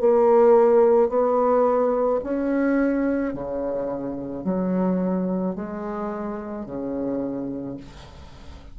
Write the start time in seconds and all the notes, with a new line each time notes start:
0.00 A#3
1.09 B3
2.23 C#4
3.33 C#3
4.44 F#3
5.55 G#3
6.66 C#3